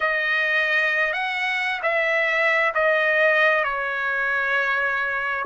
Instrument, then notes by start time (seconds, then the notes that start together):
trumpet
0.00 D#5
1.12 F#5
1.82 E5
2.74 D#5
3.64 C#5